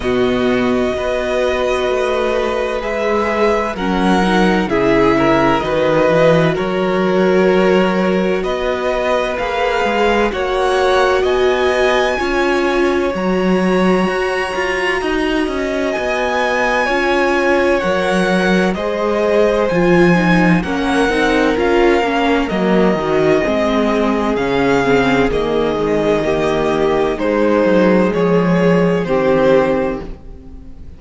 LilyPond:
<<
  \new Staff \with { instrumentName = "violin" } { \time 4/4 \tempo 4 = 64 dis''2. e''4 | fis''4 e''4 dis''4 cis''4~ | cis''4 dis''4 f''4 fis''4 | gis''2 ais''2~ |
ais''4 gis''2 fis''4 | dis''4 gis''4 fis''4 f''4 | dis''2 f''4 dis''4~ | dis''4 c''4 cis''4 c''4 | }
  \new Staff \with { instrumentName = "violin" } { \time 4/4 fis'4 b'2. | ais'4 gis'8 ais'8 b'4 ais'4~ | ais'4 b'2 cis''4 | dis''4 cis''2. |
dis''2 cis''2 | c''2 ais'2~ | ais'4 gis'2. | g'4 dis'4 gis'4 g'4 | }
  \new Staff \with { instrumentName = "viola" } { \time 4/4 b4 fis'2 gis'4 | cis'8 dis'8 e'4 fis'2~ | fis'2 gis'4 fis'4~ | fis'4 f'4 fis'2~ |
fis'2 f'4 ais'4 | gis'4 f'8 dis'8 cis'8 dis'8 f'8 cis'8 | ais8 fis'8 c'4 cis'8 c'8 ais8 gis8 | ais4 gis2 c'4 | }
  \new Staff \with { instrumentName = "cello" } { \time 4/4 b,4 b4 a4 gis4 | fis4 cis4 dis8 e8 fis4~ | fis4 b4 ais8 gis8 ais4 | b4 cis'4 fis4 fis'8 f'8 |
dis'8 cis'8 b4 cis'4 fis4 | gis4 f4 ais8 c'8 cis'8 ais8 | fis8 dis8 gis4 cis4 dis4~ | dis4 gis8 fis8 f4 dis4 | }
>>